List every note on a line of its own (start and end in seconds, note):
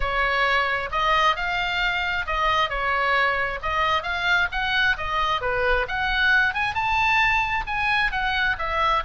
0.00 0.89 C#5
0.91 1.35 D#5
1.35 2.26 F5
2.26 2.69 D#5
2.69 3.59 C#5
3.62 4.03 D#5
4.03 4.48 F5
4.51 4.96 F#5
4.97 5.41 D#5
5.41 5.86 B4
5.88 6.54 F#5
6.54 6.74 G#5
6.74 7.64 A5
7.66 8.11 G#5
8.11 8.56 F#5
8.58 9.03 E5